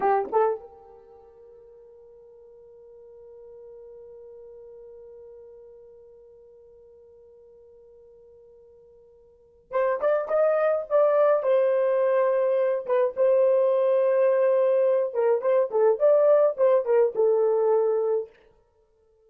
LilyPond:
\new Staff \with { instrumentName = "horn" } { \time 4/4 \tempo 4 = 105 g'8 a'8 ais'2.~ | ais'1~ | ais'1~ | ais'1~ |
ais'4 c''8 d''8 dis''4 d''4 | c''2~ c''8 b'8 c''4~ | c''2~ c''8 ais'8 c''8 a'8 | d''4 c''8 ais'8 a'2 | }